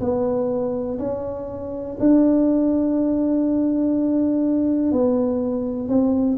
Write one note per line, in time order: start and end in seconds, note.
0.00 0.98 B3
0.99 1.97 C#4
2.00 4.92 D4
4.92 5.88 B3
5.88 6.38 C4